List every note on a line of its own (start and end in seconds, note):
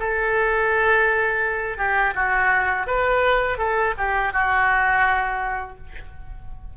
0.00 1.78 A4
1.78 2.14 G4
2.15 2.87 F#4
2.87 3.58 B4
3.58 3.95 A4
3.98 4.33 G4
4.33 5.78 F#4